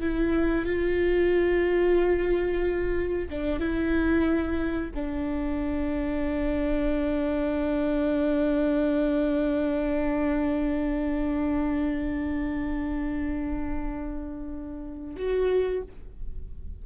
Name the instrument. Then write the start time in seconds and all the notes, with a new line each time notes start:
viola
0.00 E4
0.65 F4
3.29 D4
3.59 E4
4.95 D4
15.16 F#4